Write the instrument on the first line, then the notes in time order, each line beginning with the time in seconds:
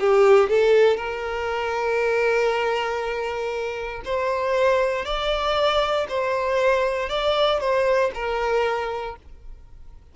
violin
0.00 G4
0.49 A4
0.97 A#4
4.05 C5
5.05 D5
6.09 C5
7.10 D5
7.60 C5
8.15 A#4